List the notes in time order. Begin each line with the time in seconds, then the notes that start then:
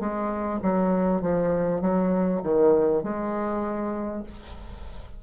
0.00 G#3
0.63 F#3
1.22 F3
1.82 F#3
2.43 D#3
3.03 G#3